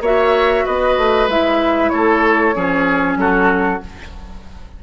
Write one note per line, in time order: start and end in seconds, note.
0.00 0.63 A#3
0.00 1.30 F#4
0.00 0.64 C#5
0.00 0.66 E5
0.65 0.97 B3
0.65 1.91 B4
0.65 1.29 D#5
0.97 1.27 A3
1.27 1.91 G#3
1.27 2.54 E4
1.27 1.89 E5
1.89 2.55 A3
1.89 2.55 A4
1.89 3.15 C#5
2.54 3.16 F3
2.54 3.80 C#4
2.54 3.18 G#4
3.16 3.79 F#3
3.16 3.83 F#4
3.16 3.82 A4